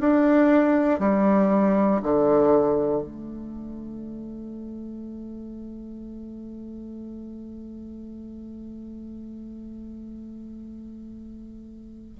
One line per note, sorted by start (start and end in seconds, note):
0.00 0.99 D4
0.99 2.01 G3
2.02 3.02 D3
3.02 12.17 A3